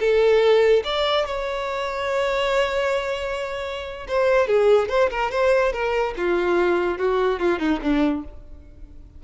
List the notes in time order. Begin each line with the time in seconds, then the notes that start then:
0.00 A4
0.84 D5
1.26 C#5
4.08 C5
4.47 G#4
4.89 C5
5.10 A#4
5.31 C5
5.73 A#4
6.17 F4
6.98 F#4
7.40 F4
7.59 D#4
7.82 D4